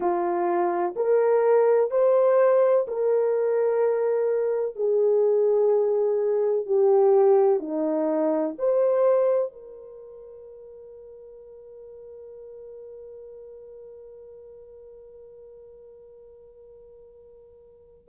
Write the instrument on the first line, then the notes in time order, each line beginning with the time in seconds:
horn
0.00 F4
0.96 A#4
1.90 C5
2.87 A#4
4.75 G#4
6.66 G4
7.59 D#4
8.58 C5
9.52 A#4